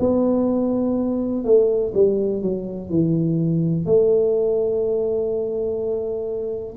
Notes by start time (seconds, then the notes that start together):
0.00 B3
1.45 A3
1.94 G3
2.43 F#3
2.90 E3
3.86 A3